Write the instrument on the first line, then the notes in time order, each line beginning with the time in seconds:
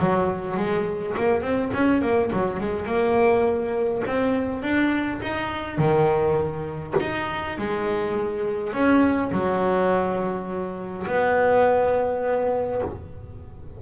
double bass
0.00 F#3
0.57 G#3
1.18 A#3
1.42 C4
1.74 C#4
2.02 A#3
2.33 F#3
2.61 G#3
2.87 A#3
4.08 C4
4.63 D4
5.22 D#4
5.78 D#3
7.01 D#4
7.58 G#3
8.74 C#4
9.32 F#3
11.07 B3